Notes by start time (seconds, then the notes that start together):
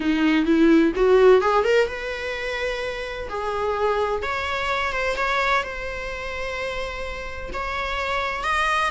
0.00 D#4
0.45 E4
0.95 F#4
1.41 G#4
1.64 A#4
1.87 B4
3.29 G#4
4.22 C#5
4.92 C5
5.16 C#5
5.63 C5
7.53 C#5
8.43 D#5